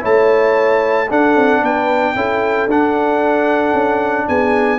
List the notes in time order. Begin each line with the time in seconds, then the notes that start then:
0.00 A3 E4 C#5 A5
1.09 D4 A4 F#5
1.36 C4
1.62 B3 B4 G5
2.15 C#4 E4 A4
2.67 D4 F#5
3.74 C#4
4.28 B3 G#4 G#5